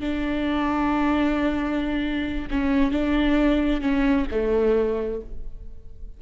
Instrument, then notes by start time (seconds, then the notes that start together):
viola
0.00 D4
2.50 C#4
2.91 D4
3.81 C#4
4.31 A3